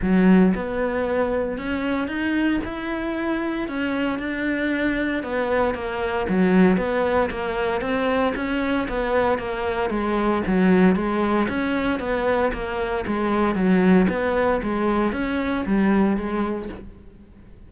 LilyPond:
\new Staff \with { instrumentName = "cello" } { \time 4/4 \tempo 4 = 115 fis4 b2 cis'4 | dis'4 e'2 cis'4 | d'2 b4 ais4 | fis4 b4 ais4 c'4 |
cis'4 b4 ais4 gis4 | fis4 gis4 cis'4 b4 | ais4 gis4 fis4 b4 | gis4 cis'4 g4 gis4 | }